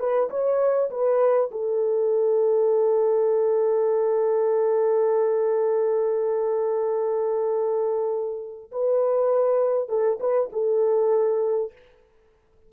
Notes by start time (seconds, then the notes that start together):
0.00 B4
0.31 C#5
0.91 B4
1.51 A4
8.72 B4
9.89 A4
10.20 B4
10.53 A4